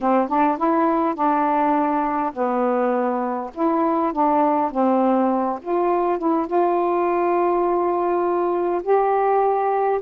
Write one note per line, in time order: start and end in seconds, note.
0.00 0.28 C4
0.28 0.57 D4
0.57 1.15 E4
1.15 2.32 D4
2.33 3.50 B3
3.54 4.12 E4
4.12 4.71 D4
4.71 5.59 C4
5.62 6.18 F4
6.18 6.46 E4
6.46 8.82 F4
8.82 10.00 G4